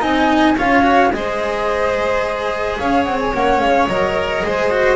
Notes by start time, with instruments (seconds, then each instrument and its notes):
0.00 double bass C4, cello D#4, violin D#5, flute G#5
0.57 double bass C#4, cello F4, violin C#5, flute F5
0.82 cello F#4
1.12 double bass G#3, cello G#4, violin C5, flute D#5
2.78 double bass C#4, violin C#5, flute F5
3.03 double bass C4, flute F#5
3.19 flute G#5
3.34 double bass A#3, cello C#4, flute F#5
3.59 double bass G#3, flute F5
3.88 double bass F#3, cello A#4, flute D#5
4.44 double bass G#3, cello G#4, violin C5
4.70 cello F#4